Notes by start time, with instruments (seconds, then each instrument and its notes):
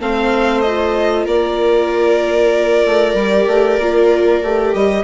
0.00 bassoon A3, viola C4 C5, violin F5
0.61 viola F4, violin D#5
1.25 bassoon A#3, viola A#4, violin D5
2.86 bassoon A3
3.14 bassoon G3, viola G4
3.47 bassoon A3
3.78 bassoon A#3, viola F4
4.43 bassoon A3, viola G4
4.74 bassoon G3, violin D#5